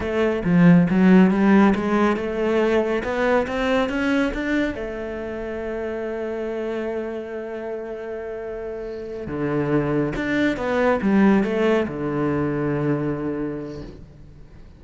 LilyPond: \new Staff \with { instrumentName = "cello" } { \time 4/4 \tempo 4 = 139 a4 f4 fis4 g4 | gis4 a2 b4 | c'4 cis'4 d'4 a4~ | a1~ |
a1~ | a4. d2 d'8~ | d'8 b4 g4 a4 d8~ | d1 | }